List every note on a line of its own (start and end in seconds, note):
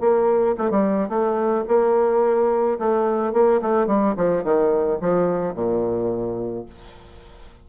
0.00 0.56 A#3
0.58 0.70 A3
0.70 1.09 G3
1.09 1.64 A3
1.67 2.79 A#3
2.79 3.33 A3
3.33 3.60 A#3
3.62 3.87 A3
3.87 4.15 G3
4.16 4.43 F3
4.43 4.99 D#3
5.01 5.54 F3
5.54 6.65 A#2